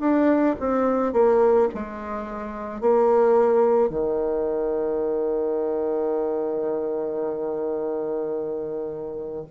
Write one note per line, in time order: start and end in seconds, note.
0.00 0.56 D4
0.60 1.13 C4
1.13 1.69 A#3
1.75 2.81 G#3
2.81 3.90 A#3
3.90 9.45 D#3